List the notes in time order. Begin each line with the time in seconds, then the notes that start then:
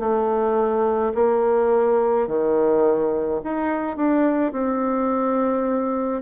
0.00 A3
1.15 A#3
2.28 D#3
3.44 D#4
3.97 D4
4.53 C4